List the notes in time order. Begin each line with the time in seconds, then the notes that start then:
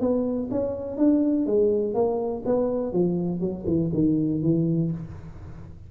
0.00 B3
0.51 C#4
0.97 D4
1.46 G#3
1.94 A#3
2.45 B3
2.92 F3
3.40 F#3
3.66 E3
3.93 D#3
4.42 E3